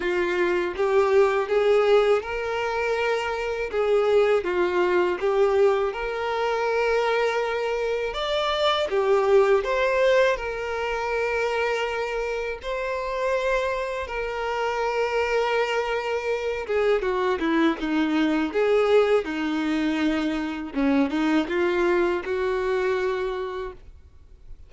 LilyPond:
\new Staff \with { instrumentName = "violin" } { \time 4/4 \tempo 4 = 81 f'4 g'4 gis'4 ais'4~ | ais'4 gis'4 f'4 g'4 | ais'2. d''4 | g'4 c''4 ais'2~ |
ais'4 c''2 ais'4~ | ais'2~ ais'8 gis'8 fis'8 e'8 | dis'4 gis'4 dis'2 | cis'8 dis'8 f'4 fis'2 | }